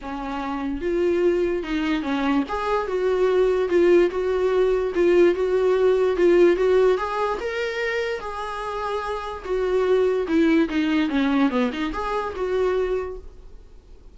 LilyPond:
\new Staff \with { instrumentName = "viola" } { \time 4/4 \tempo 4 = 146 cis'2 f'2 | dis'4 cis'4 gis'4 fis'4~ | fis'4 f'4 fis'2 | f'4 fis'2 f'4 |
fis'4 gis'4 ais'2 | gis'2. fis'4~ | fis'4 e'4 dis'4 cis'4 | b8 dis'8 gis'4 fis'2 | }